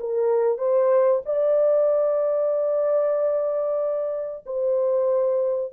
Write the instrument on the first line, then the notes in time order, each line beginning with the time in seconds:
horn
0.00 A#4
0.58 C5
1.26 D5
4.46 C5